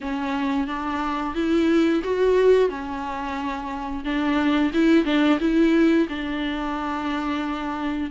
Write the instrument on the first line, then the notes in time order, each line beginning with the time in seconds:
viola
0.01 C#4
0.67 D4
1.35 E4
2.03 F#4
2.69 C#4
4.04 D4
4.73 E4
5.04 D4
5.40 E4
6.09 D4